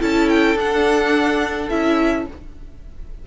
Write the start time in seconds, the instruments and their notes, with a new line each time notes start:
0.00 cello C#4, viola E4, violin A4 A5
0.29 violin G5
0.55 cello D4, viola D4, violin F#5
1.69 cello C#4, viola E4, violin E5